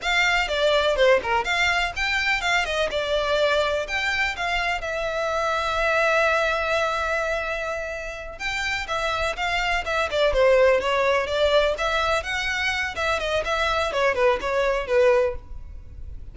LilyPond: \new Staff \with { instrumentName = "violin" } { \time 4/4 \tempo 4 = 125 f''4 d''4 c''8 ais'8 f''4 | g''4 f''8 dis''8 d''2 | g''4 f''4 e''2~ | e''1~ |
e''4. g''4 e''4 f''8~ | f''8 e''8 d''8 c''4 cis''4 d''8~ | d''8 e''4 fis''4. e''8 dis''8 | e''4 cis''8 b'8 cis''4 b'4 | }